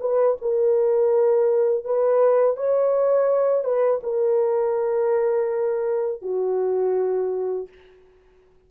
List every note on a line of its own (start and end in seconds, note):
0.00 0.37 B4
0.41 1.85 A#4
1.85 2.56 B4
2.56 3.64 C#5
3.64 4.00 B4
4.03 6.22 A#4
6.22 7.68 F#4